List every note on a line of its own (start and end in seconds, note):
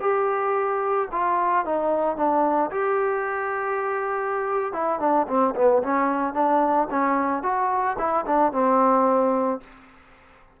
0.00 1.08 G4
1.11 1.65 F4
1.65 2.16 D#4
2.16 2.70 D4
2.70 4.72 G4
4.72 4.99 E4
4.99 5.26 D4
5.27 5.54 C4
5.55 5.82 B3
5.83 6.33 C#4
6.33 6.87 D4
6.90 7.43 C#4
7.43 7.97 F#4
7.98 8.25 E4
8.26 8.52 D4
8.52 9.60 C4